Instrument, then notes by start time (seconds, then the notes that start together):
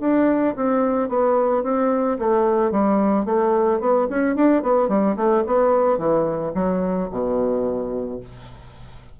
bassoon
0.00 D4
0.56 C4
1.09 B3
1.63 C4
2.19 A3
2.71 G3
3.25 A3
3.80 B3
4.10 C#4
4.36 D4
4.62 B3
4.88 G3
5.16 A3
5.46 B3
5.98 E3
6.54 F#3
7.11 B2